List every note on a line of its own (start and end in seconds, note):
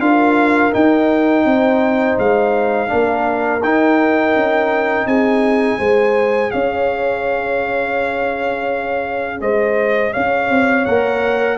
0.00 0.72 D4
0.00 0.73 F4
0.00 1.46 A#4
0.00 0.73 F5
0.73 2.87 D#4
0.73 1.45 D#4
0.73 2.19 G5
1.45 2.17 C4
1.45 2.91 C5
2.18 2.91 G#3
2.18 3.63 F5
2.87 3.63 A#3
2.87 3.60 D4
2.87 5.08 A#4
3.63 4.35 D#4
3.63 5.79 D#4
3.63 5.07 G5
4.35 5.06 C#4
5.06 5.78 C4
5.06 5.79 G#4
5.06 6.51 G#5
5.79 6.52 G#3
5.79 10.85 G#4
5.79 6.51 C5
6.51 9.41 C#4
6.51 9.41 C#5
6.51 9.40 F5
9.41 10.13 G#3
9.41 10.13 C5
9.41 10.13 D#5
10.13 10.50 C#4
10.13 11.58 C#5
10.13 10.85 F5
10.50 10.86 C4
10.85 11.58 A#3
10.85 11.58 A#4
10.85 11.58 F#5